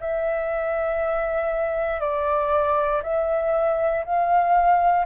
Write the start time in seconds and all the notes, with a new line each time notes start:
0.00 E5
2.00 D5
3.03 E5
4.05 F5